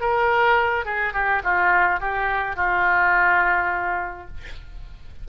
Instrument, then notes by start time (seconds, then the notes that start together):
oboe
0.00 A#4
0.85 G#4
1.13 G4
1.43 F4
1.99 G4
2.56 F4